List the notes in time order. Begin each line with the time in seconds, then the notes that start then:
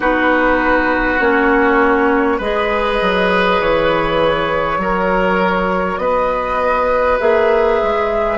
0.00 B3 D#4 F#4 B4
1.19 A#3 C#4 C#5
2.37 G#3 G#4 B4 D#5
3.01 F#3
3.60 E3 C#5
4.77 F#3 F#4 A#4
5.98 B3 B4 D#5
7.20 A#3 G#4 E5
7.83 G#3